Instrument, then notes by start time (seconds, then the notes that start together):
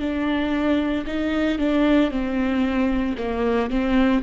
viola
0.00 D4
1.07 D#4
1.59 D4
2.11 C4
3.18 A#3
3.70 C4